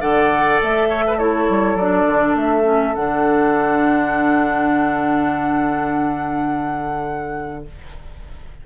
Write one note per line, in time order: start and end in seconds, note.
0.00 0.59 D3
0.00 1.18 A4
0.00 0.89 D5
0.00 0.60 F#5
0.62 1.49 A3
0.62 1.19 E5
0.89 1.04 C#5
1.07 1.16 B4
1.16 1.78 E4
1.16 7.63 A4
1.16 1.76 C#5
1.49 1.75 G3
1.75 2.04 F#3
1.75 2.63 D4
1.75 2.35 D5
2.07 2.35 D3
2.35 2.94 A3
2.35 2.95 E5
2.63 2.93 C#4
2.95 7.66 D3
2.95 7.66 D4
2.95 7.65 F#5